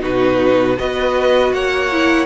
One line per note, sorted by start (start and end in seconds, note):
0.00 0.78 B2
0.00 0.75 D#4
0.00 0.76 F#4
0.00 0.78 B4
0.78 1.52 B3
0.78 1.90 F#4
0.78 1.54 B4
0.78 1.53 D#5
1.52 2.25 A#3
1.52 2.25 C#5
1.52 2.25 F#5
1.91 2.25 E4